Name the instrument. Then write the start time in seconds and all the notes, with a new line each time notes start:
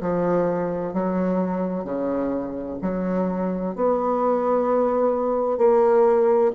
bassoon
0.00 F3
0.93 F#3
1.84 C#3
2.82 F#3
3.75 B3
5.57 A#3